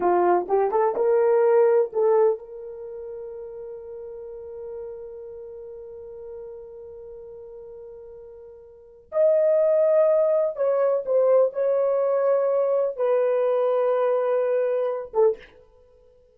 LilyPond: \new Staff \with { instrumentName = "horn" } { \time 4/4 \tempo 4 = 125 f'4 g'8 a'8 ais'2 | a'4 ais'2.~ | ais'1~ | ais'1~ |
ais'2. dis''4~ | dis''2 cis''4 c''4 | cis''2. b'4~ | b'2.~ b'8 a'8 | }